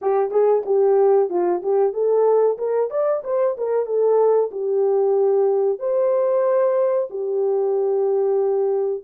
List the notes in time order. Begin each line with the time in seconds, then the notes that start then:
0.01 G4
0.30 G#4
0.65 G4
1.29 F4
1.62 G4
1.93 A4
2.58 A#4
2.90 D5
3.24 C5
3.57 A#4
3.85 A4
4.51 G4
5.79 C5
7.10 G4